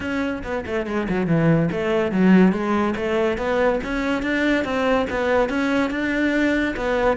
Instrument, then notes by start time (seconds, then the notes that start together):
cello
0.00 C#4
0.43 B3
0.66 A3
0.86 G#3
1.09 F#3
1.26 E3
1.71 A3
2.11 F#3
2.52 G#3
2.96 A3
3.37 B3
3.83 C#4
4.22 D4
4.64 C4
5.10 B3
5.49 C#4
5.90 D4
6.76 B3